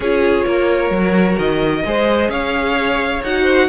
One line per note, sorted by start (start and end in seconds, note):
0.00 0.44 C#4
0.00 0.92 F4
0.00 0.46 G#4
0.00 1.39 C#5
0.46 0.90 A#3
0.46 1.84 A#4
0.90 1.36 F#3
0.90 1.84 F#4
1.38 1.84 D#3
1.38 2.30 D#5
1.85 2.28 G#3
1.85 3.23 G#4
1.85 2.30 C5
2.28 3.21 C#4
2.28 3.42 C#5
2.28 3.22 F5
3.23 3.68 D#4
3.23 3.68 F#4
3.23 3.68 F#5
3.42 3.66 C5